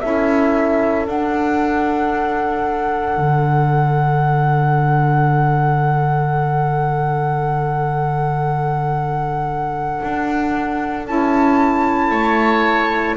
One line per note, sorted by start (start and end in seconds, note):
0.00 1.07 C#4
0.00 1.05 E4
0.00 12.10 A4
0.00 1.05 E5
1.05 11.05 D4
1.05 3.17 D4
1.05 11.06 F#5
3.17 10.01 D3
10.02 11.07 D4
11.06 12.10 C#4
11.06 13.17 E4
11.06 13.16 A5
12.10 13.15 A3
12.10 13.15 C#5